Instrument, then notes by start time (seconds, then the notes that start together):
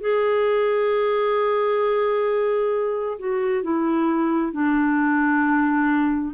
clarinet
0.00 G#4
3.19 F#4
3.63 E4
4.52 D4